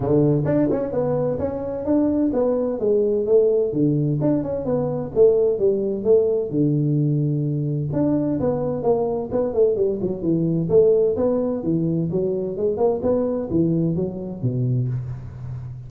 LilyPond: \new Staff \with { instrumentName = "tuba" } { \time 4/4 \tempo 4 = 129 d4 d'8 cis'8 b4 cis'4 | d'4 b4 gis4 a4 | d4 d'8 cis'8 b4 a4 | g4 a4 d2~ |
d4 d'4 b4 ais4 | b8 a8 g8 fis8 e4 a4 | b4 e4 fis4 gis8 ais8 | b4 e4 fis4 b,4 | }